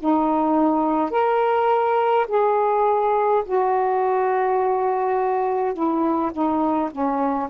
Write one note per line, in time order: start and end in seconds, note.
0.00 1.11 D#4
1.11 2.27 A#4
2.29 3.44 G#4
3.46 5.74 F#4
5.74 6.32 E4
6.33 6.90 D#4
6.92 7.49 C#4